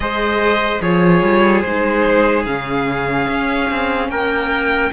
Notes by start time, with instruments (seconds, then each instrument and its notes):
0.00 cello G#3, viola G#4, trumpet C5, violin D#5
0.81 cello F3, viola F4, trumpet G#4, violin C#5
1.22 cello G3
1.61 cello G#3, viola D#4, violin C5
2.45 cello C#3, viola C#4, violin F5
3.28 cello C#4
3.70 cello C4
4.08 cello A#3, trumpet A#4, violin G5